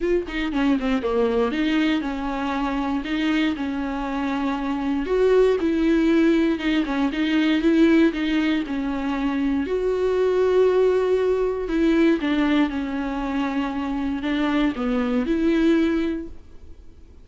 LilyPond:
\new Staff \with { instrumentName = "viola" } { \time 4/4 \tempo 4 = 118 f'8 dis'8 cis'8 c'8 ais4 dis'4 | cis'2 dis'4 cis'4~ | cis'2 fis'4 e'4~ | e'4 dis'8 cis'8 dis'4 e'4 |
dis'4 cis'2 fis'4~ | fis'2. e'4 | d'4 cis'2. | d'4 b4 e'2 | }